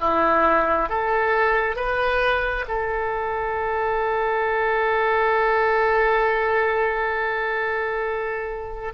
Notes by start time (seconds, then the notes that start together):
0.00 E4
0.89 A4
1.76 B4
2.68 A4